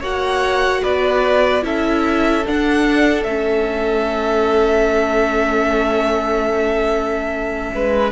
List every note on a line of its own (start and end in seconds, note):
0.00 0.82 A#3
0.00 1.62 F#4
0.00 0.81 C#5
0.00 0.83 F#5
0.83 1.64 B3
0.83 1.64 B4
0.83 1.65 D5
1.62 2.45 C#4
1.62 2.43 E4
1.62 7.72 A4
1.62 2.47 E5
2.46 3.27 D4
2.46 3.25 D4
2.46 3.23 F#5
3.23 7.71 A3
3.23 8.12 C#4
3.23 8.10 E5
7.75 8.12 G#3
7.75 8.12 B4